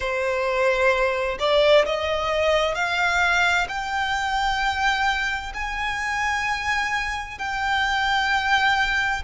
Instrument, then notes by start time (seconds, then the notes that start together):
violin
0.00 C5
1.39 D5
1.85 D#5
2.74 F5
3.68 G5
5.54 G#5
7.38 G5